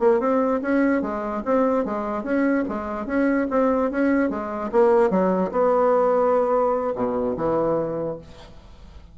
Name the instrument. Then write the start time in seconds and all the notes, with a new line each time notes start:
bassoon
0.00 A#3
0.20 C4
0.62 C#4
1.02 G#3
1.45 C4
1.85 G#3
2.24 C#4
2.69 G#3
3.07 C#4
3.51 C4
3.91 C#4
4.30 G#3
4.72 A#3
5.11 F#3
5.52 B3
6.96 B2
7.37 E3